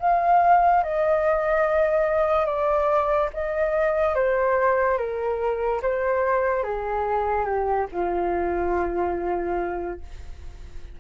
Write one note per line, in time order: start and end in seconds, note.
0.00 0.83 F5
0.83 2.46 D#5
2.46 3.29 D5
3.34 4.15 D#5
4.15 4.98 C5
4.98 5.81 A#4
5.82 6.64 C5
6.64 7.45 G#4
7.45 7.87 G4
7.92 10.00 F4